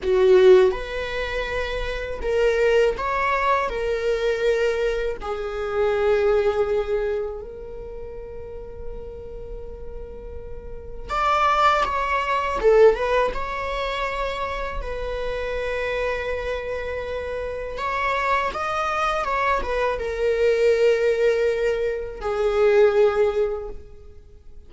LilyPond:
\new Staff \with { instrumentName = "viola" } { \time 4/4 \tempo 4 = 81 fis'4 b'2 ais'4 | cis''4 ais'2 gis'4~ | gis'2 ais'2~ | ais'2. d''4 |
cis''4 a'8 b'8 cis''2 | b'1 | cis''4 dis''4 cis''8 b'8 ais'4~ | ais'2 gis'2 | }